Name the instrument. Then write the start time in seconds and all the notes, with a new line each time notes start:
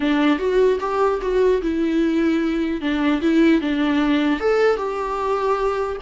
viola
0.00 D4
0.39 F#4
0.80 G4
1.21 F#4
1.62 E4
2.81 D4
3.21 E4
3.61 D4
4.40 A4
4.77 G4